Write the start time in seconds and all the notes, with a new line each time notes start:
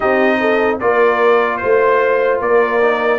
0.00 C4 D#4 G4 D#5
0.40 A4
0.80 A#3 F4 A#4 D5
1.57 C5
1.63 A3
2.40 A#3 A#4 D5
2.81 D#4